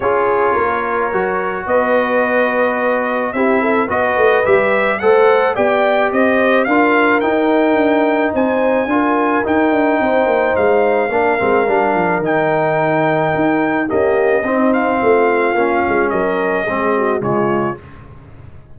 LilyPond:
<<
  \new Staff \with { instrumentName = "trumpet" } { \time 4/4 \tempo 4 = 108 cis''2. dis''4~ | dis''2 e''4 dis''4 | e''4 fis''4 g''4 dis''4 | f''4 g''2 gis''4~ |
gis''4 g''2 f''4~ | f''2 g''2~ | g''4 dis''4. f''4.~ | f''4 dis''2 cis''4 | }
  \new Staff \with { instrumentName = "horn" } { \time 4/4 gis'4 ais'2 b'4~ | b'2 g'8 a'8 b'4~ | b'4 c''4 d''4 c''4 | ais'2. c''4 |
ais'2 c''2 | ais'1~ | ais'4 g'4 dis'4 f'4~ | f'4 ais'4 gis'8 fis'8 f'4 | }
  \new Staff \with { instrumentName = "trombone" } { \time 4/4 f'2 fis'2~ | fis'2 e'4 fis'4 | g'4 a'4 g'2 | f'4 dis'2. |
f'4 dis'2. | d'8 c'8 d'4 dis'2~ | dis'4 ais4 c'2 | cis'2 c'4 gis4 | }
  \new Staff \with { instrumentName = "tuba" } { \time 4/4 cis'4 ais4 fis4 b4~ | b2 c'4 b8 a8 | g4 a4 b4 c'4 | d'4 dis'4 d'4 c'4 |
d'4 dis'8 d'8 c'8 ais8 gis4 | ais8 gis8 g8 f8 dis2 | dis'4 cis'4 c'4 a4 | ais8 gis8 fis4 gis4 cis4 | }
>>